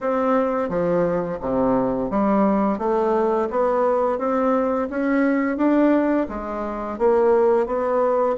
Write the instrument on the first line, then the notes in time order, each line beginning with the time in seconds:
bassoon
0.01 C4
0.68 F3
1.40 C3
2.10 G3
2.78 A3
3.50 B3
4.18 C4
4.90 C#4
5.57 D4
6.28 G#3
6.98 A#3
7.66 B3